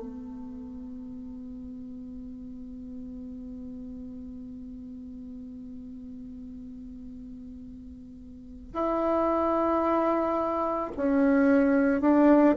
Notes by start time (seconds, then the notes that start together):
0.00 B3
8.74 E4
10.97 C#4
12.01 D4